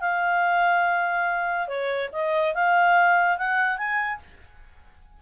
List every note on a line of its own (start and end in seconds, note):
0.00 1.67 F5
1.67 2.09 C#5
2.12 2.54 D#5
2.54 3.37 F5
3.37 3.77 F#5
3.77 4.19 G#5